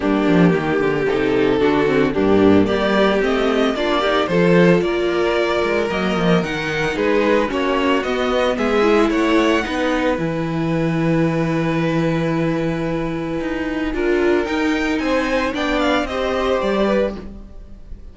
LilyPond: <<
  \new Staff \with { instrumentName = "violin" } { \time 4/4 \tempo 4 = 112 g'2 a'2 | g'4 d''4 dis''4 d''4 | c''4 d''2 dis''4 | fis''4 b'4 cis''4 dis''4 |
e''4 fis''2 gis''4~ | gis''1~ | gis''2. g''4 | gis''4 g''8 f''8 dis''4 d''4 | }
  \new Staff \with { instrumentName = "violin" } { \time 4/4 d'4 g'2 fis'4 | d'4 g'2 f'8 g'8 | a'4 ais'2.~ | ais'4 gis'4 fis'2 |
gis'4 cis''4 b'2~ | b'1~ | b'2 ais'2 | c''4 d''4 c''4. b'8 | }
  \new Staff \with { instrumentName = "viola" } { \time 4/4 ais2 dis'4 d'8 c'8 | ais2 c'4 d'8 dis'8 | f'2. ais4 | dis'2 cis'4 b4~ |
b8 e'4. dis'4 e'4~ | e'1~ | e'2 f'4 dis'4~ | dis'4 d'4 g'2 | }
  \new Staff \with { instrumentName = "cello" } { \time 4/4 g8 f8 dis8 d8 c4 d4 | g,4 g4 a4 ais4 | f4 ais4. gis8 fis8 f8 | dis4 gis4 ais4 b4 |
gis4 a4 b4 e4~ | e1~ | e4 dis'4 d'4 dis'4 | c'4 b4 c'4 g4 | }
>>